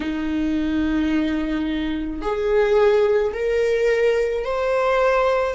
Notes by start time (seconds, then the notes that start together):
0.00 D#4
2.21 G#4
3.33 A#4
4.44 C5